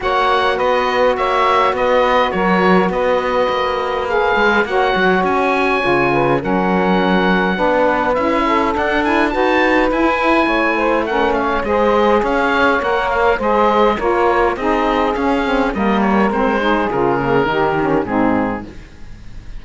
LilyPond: <<
  \new Staff \with { instrumentName = "oboe" } { \time 4/4 \tempo 4 = 103 fis''4 dis''4 e''4 dis''4 | cis''4 dis''2 f''4 | fis''4 gis''2 fis''4~ | fis''2 e''4 fis''8 gis''8 |
a''4 gis''2 fis''8 f''8 | dis''4 f''4 fis''8 f''8 dis''4 | cis''4 dis''4 f''4 dis''8 cis''8 | c''4 ais'2 gis'4 | }
  \new Staff \with { instrumentName = "saxophone" } { \time 4/4 cis''4 b'4 cis''4 b'4 | ais'4 b'2. | cis''2~ cis''8 b'8 ais'4~ | ais'4 b'4. a'4. |
b'2 cis''8 c''8 ais'8 cis''8 | c''4 cis''2 c''4 | ais'4 gis'2 ais'4~ | ais'8 gis'4. g'4 dis'4 | }
  \new Staff \with { instrumentName = "saxophone" } { \time 4/4 fis'1~ | fis'2. gis'4 | fis'2 f'4 cis'4~ | cis'4 d'4 e'4 d'8 e'8 |
fis'4 e'2 cis'4 | gis'2 ais'4 gis'4 | f'4 dis'4 cis'8 c'8 ais4 | c'8 dis'8 f'8 ais8 dis'8 cis'8 c'4 | }
  \new Staff \with { instrumentName = "cello" } { \time 4/4 ais4 b4 ais4 b4 | fis4 b4 ais4. gis8 | ais8 fis8 cis'4 cis4 fis4~ | fis4 b4 cis'4 d'4 |
dis'4 e'4 a2 | gis4 cis'4 ais4 gis4 | ais4 c'4 cis'4 g4 | gis4 cis4 dis4 gis,4 | }
>>